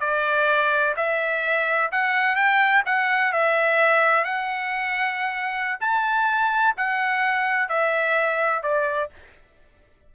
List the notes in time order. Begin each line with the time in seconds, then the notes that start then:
0.00 D5
0.96 E5
1.92 F#5
2.36 G5
2.86 F#5
3.32 E5
4.24 F#5
5.81 A5
6.77 F#5
7.69 E5
8.63 D5